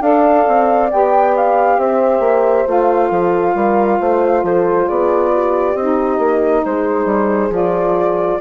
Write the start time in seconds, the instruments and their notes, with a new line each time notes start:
0.00 bassoon D4, saxophone A4, horn D5, flute F5
0.47 bassoon C4
0.91 bassoon B3, saxophone G4, flute G5
1.36 flute F5
1.77 bassoon C4, horn C5, flute E5
2.19 bassoon A#3
2.65 bassoon A3, saxophone F4, flute F5
3.10 bassoon F3, horn A4
3.55 bassoon G3, horn A#4
3.99 bassoon A3, horn C5
4.43 bassoon F3, horn A4, flute C5
4.87 bassoon B3, horn G#4, flute D5
5.33 horn G4
5.75 bassoon C4, saxophone D#4, flute D#5
6.18 bassoon A#3
6.65 bassoon G#3, horn G#4, flute C5
7.05 bassoon G3
7.50 bassoon F3, saxophone F4, flute D5